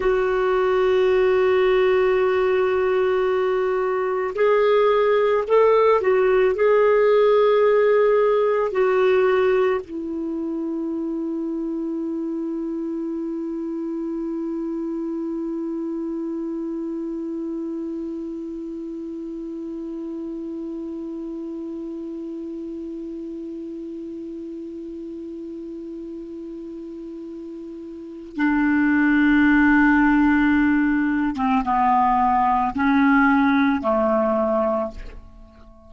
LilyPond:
\new Staff \with { instrumentName = "clarinet" } { \time 4/4 \tempo 4 = 55 fis'1 | gis'4 a'8 fis'8 gis'2 | fis'4 e'2.~ | e'1~ |
e'1~ | e'1~ | e'2 d'2~ | d'8. c'16 b4 cis'4 a4 | }